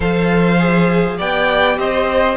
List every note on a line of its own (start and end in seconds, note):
0.00 1.18 F3
0.00 0.58 A4
0.00 1.17 C5
0.00 1.19 F5
0.58 1.17 G#4
1.17 1.77 B3
1.17 2.36 G4
1.17 1.77 D5
1.17 1.78 G5
1.77 2.36 C4
1.77 2.36 C5
1.77 2.36 D#5